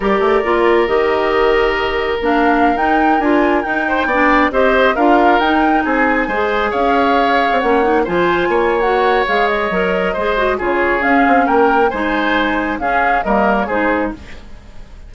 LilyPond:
<<
  \new Staff \with { instrumentName = "flute" } { \time 4/4 \tempo 4 = 136 d''2 dis''2~ | dis''4 f''4~ f''16 g''4 gis''8.~ | gis''16 g''2 dis''4 f''8.~ | f''16 g''4 gis''2 f''8.~ |
f''4~ f''16 fis''4 gis''4.~ gis''16 | fis''4 f''8 dis''2~ dis''8 | cis''4 f''4 g''4 gis''4~ | gis''4 f''4 dis''8. cis''16 c''4 | }
  \new Staff \with { instrumentName = "oboe" } { \time 4/4 ais'1~ | ais'1~ | ais'8. c''8 d''4 c''4 ais'8.~ | ais'4~ ais'16 gis'4 c''4 cis''8.~ |
cis''2~ cis''16 c''4 cis''8.~ | cis''2. c''4 | gis'2 ais'4 c''4~ | c''4 gis'4 ais'4 gis'4 | }
  \new Staff \with { instrumentName = "clarinet" } { \time 4/4 g'4 f'4 g'2~ | g'4 d'4~ d'16 dis'4 f'8.~ | f'16 dis'4 d'4 g'4 f'8.~ | f'16 dis'2 gis'4.~ gis'16~ |
gis'4~ gis'16 cis'8 dis'8 f'4.~ f'16 | fis'4 gis'4 ais'4 gis'8 fis'8 | f'4 cis'2 dis'4~ | dis'4 cis'4 ais4 dis'4 | }
  \new Staff \with { instrumentName = "bassoon" } { \time 4/4 g8 a8 ais4 dis2~ | dis4 ais4~ ais16 dis'4 d'8.~ | d'16 dis'4 b4 c'4 d'8.~ | d'16 dis'4 c'4 gis4 cis'8.~ |
cis'4 c'16 ais4 f4 ais8.~ | ais4 gis4 fis4 gis4 | cis4 cis'8 c'8 ais4 gis4~ | gis4 cis'4 g4 gis4 | }
>>